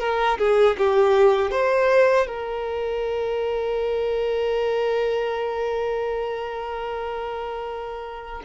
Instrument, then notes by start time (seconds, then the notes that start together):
violin
0.00 A#4
0.38 G#4
0.78 G4
1.52 C5
2.27 A#4